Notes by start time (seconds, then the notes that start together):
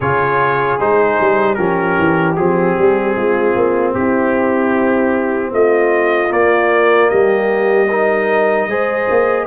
0.00 C#3 F4 G#4 C#5
0.79 G#3 D#4 C5
1.20 G3
1.54 F3 C#4 G4 A#4
1.98 E3
2.36 F3 C4 G#4
2.78 G3
3.15 G#3 F4
3.55 A#3
3.94 C4 E4 G4
5.52 A3 F4 D#5
6.28 A#3 D5
7.09 G3 G4 D#5
7.88 D#4 A#4
8.67 G#3 G#4 C5
9.10 A#3